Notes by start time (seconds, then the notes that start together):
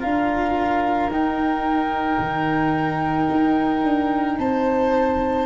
0.00 D4 F4 A#4 F5
1.08 D#4 G5
2.19 D#3
3.30 D#4
3.83 D4
4.38 C4 C5 A5